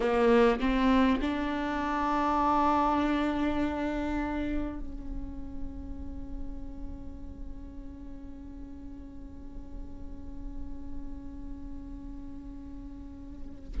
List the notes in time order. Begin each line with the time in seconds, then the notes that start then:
0.00 A#3
0.59 C4
1.21 D4
4.79 C#4